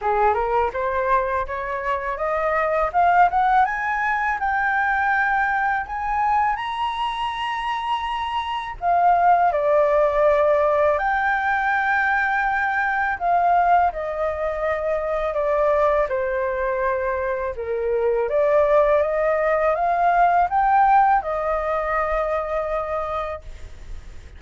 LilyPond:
\new Staff \with { instrumentName = "flute" } { \time 4/4 \tempo 4 = 82 gis'8 ais'8 c''4 cis''4 dis''4 | f''8 fis''8 gis''4 g''2 | gis''4 ais''2. | f''4 d''2 g''4~ |
g''2 f''4 dis''4~ | dis''4 d''4 c''2 | ais'4 d''4 dis''4 f''4 | g''4 dis''2. | }